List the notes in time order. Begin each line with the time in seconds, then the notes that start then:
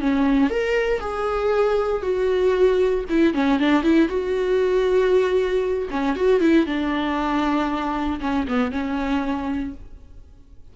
0.00 C#4
0.50 A#4
1.00 G#4
2.02 F#4
3.09 E4
3.34 C#4
3.59 D4
3.83 E4
4.09 F#4
5.90 C#4
6.16 F#4
6.41 E4
6.66 D4
8.21 C#4
8.48 B3
8.72 C#4